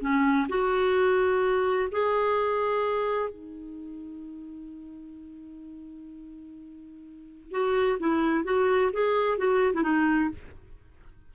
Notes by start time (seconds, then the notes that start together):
0.00 C#4
0.48 F#4
1.91 G#4
3.29 D#4
7.51 F#4
7.99 E4
8.44 F#4
8.93 G#4
9.37 F#4
9.74 E4
9.83 D#4